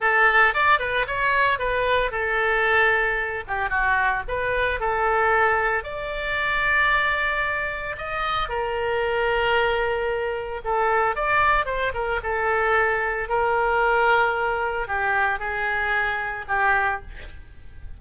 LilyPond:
\new Staff \with { instrumentName = "oboe" } { \time 4/4 \tempo 4 = 113 a'4 d''8 b'8 cis''4 b'4 | a'2~ a'8 g'8 fis'4 | b'4 a'2 d''4~ | d''2. dis''4 |
ais'1 | a'4 d''4 c''8 ais'8 a'4~ | a'4 ais'2. | g'4 gis'2 g'4 | }